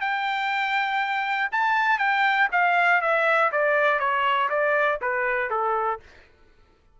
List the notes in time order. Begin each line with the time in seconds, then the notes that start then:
0.00 G5
1.51 A5
1.98 G5
2.52 F5
3.01 E5
3.52 D5
3.99 C#5
4.49 D5
5.01 B4
5.50 A4